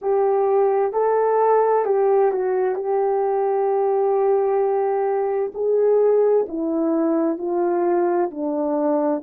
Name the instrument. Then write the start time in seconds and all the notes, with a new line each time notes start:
horn
0.01 G4
0.92 A4
1.85 G4
2.31 F#4
2.75 G4
5.54 G#4
6.48 E4
7.38 F4
8.30 D4